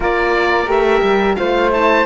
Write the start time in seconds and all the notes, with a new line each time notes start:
0.00 A#3 F4 A#4 D5
0.66 A3 G4 E5
1.02 G3
1.35 A3 F4 C5 F5
1.70 E4 A5